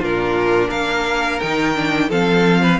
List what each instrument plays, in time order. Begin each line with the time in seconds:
0.00 cello A#2, viola D4, violin F4 A#4
0.69 cello A#3, violin A#4 F5
1.40 cello D#3, viola D#4, violin G5
1.75 viola D4
2.09 cello F3, viola C4, violin A4 F5
2.63 violin B4